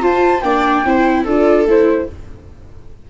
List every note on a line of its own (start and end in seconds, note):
0.00 0.41 F4
0.00 0.43 F4
0.00 0.43 C5
0.00 0.42 A5
0.42 0.84 A#3
0.42 0.86 D4
0.42 0.86 D5
0.42 1.24 G5
0.85 1.26 C4
0.85 1.27 E4
0.85 1.24 C5
1.24 1.66 D4
1.24 1.68 F4
1.24 2.06 A4
1.24 1.68 D5
1.66 2.07 A3
1.66 2.09 E4
1.66 2.11 C5